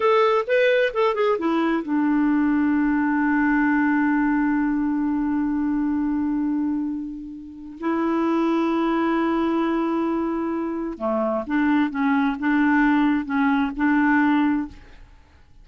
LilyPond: \new Staff \with { instrumentName = "clarinet" } { \time 4/4 \tempo 4 = 131 a'4 b'4 a'8 gis'8 e'4 | d'1~ | d'1~ | d'1~ |
d'4 e'2.~ | e'1 | a4 d'4 cis'4 d'4~ | d'4 cis'4 d'2 | }